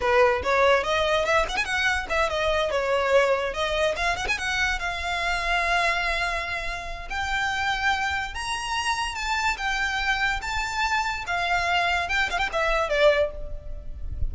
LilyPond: \new Staff \with { instrumentName = "violin" } { \time 4/4 \tempo 4 = 144 b'4 cis''4 dis''4 e''8 fis''16 gis''16 | fis''4 e''8 dis''4 cis''4.~ | cis''8 dis''4 f''8 fis''16 gis''16 fis''4 f''8~ | f''1~ |
f''4 g''2. | ais''2 a''4 g''4~ | g''4 a''2 f''4~ | f''4 g''8 f''16 g''16 e''4 d''4 | }